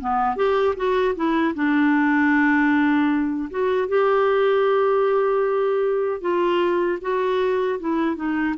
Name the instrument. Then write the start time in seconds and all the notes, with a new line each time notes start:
clarinet
0.00 B3
0.36 G4
0.76 F#4
1.15 E4
1.54 D4
3.50 F#4
3.88 G4
6.21 F4
7.01 F#4
7.80 E4
8.16 D#4